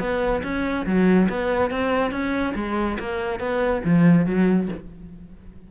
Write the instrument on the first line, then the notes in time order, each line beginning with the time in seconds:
cello
0.00 B3
0.44 C#4
0.86 F#3
1.30 B3
1.71 C4
2.11 C#4
2.56 G#3
2.99 A#3
3.40 B3
3.85 F3
4.26 F#3